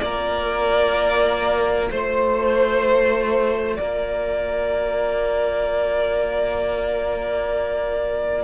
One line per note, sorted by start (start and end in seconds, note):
0.00 1.89 A#3
0.00 8.44 F4
0.00 1.91 A#4
0.00 1.88 D5
1.91 3.78 A3
1.91 3.76 C5
1.91 3.78 C5
3.76 8.44 A#3
3.76 8.44 A#4
3.76 8.44 D5